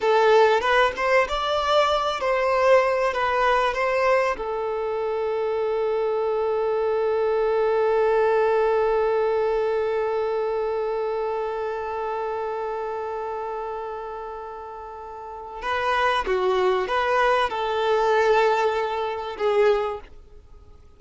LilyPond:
\new Staff \with { instrumentName = "violin" } { \time 4/4 \tempo 4 = 96 a'4 b'8 c''8 d''4. c''8~ | c''4 b'4 c''4 a'4~ | a'1~ | a'1~ |
a'1~ | a'1~ | a'4 b'4 fis'4 b'4 | a'2. gis'4 | }